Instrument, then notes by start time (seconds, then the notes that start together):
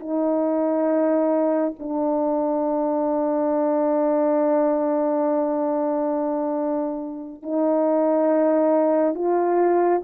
horn
0.00 D#4
1.79 D4
7.43 D#4
9.15 F4